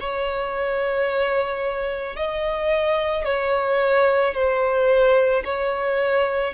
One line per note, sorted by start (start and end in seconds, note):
0.00 2.17 C#5
2.17 3.25 D#5
3.25 4.34 C#5
4.34 5.43 C5
5.45 6.54 C#5